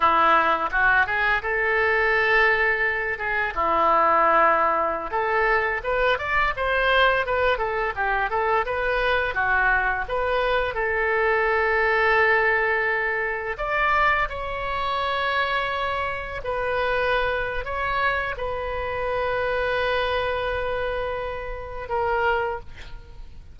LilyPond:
\new Staff \with { instrumentName = "oboe" } { \time 4/4 \tempo 4 = 85 e'4 fis'8 gis'8 a'2~ | a'8 gis'8 e'2~ e'16 a'8.~ | a'16 b'8 d''8 c''4 b'8 a'8 g'8 a'16~ | a'16 b'4 fis'4 b'4 a'8.~ |
a'2.~ a'16 d''8.~ | d''16 cis''2. b'8.~ | b'4 cis''4 b'2~ | b'2. ais'4 | }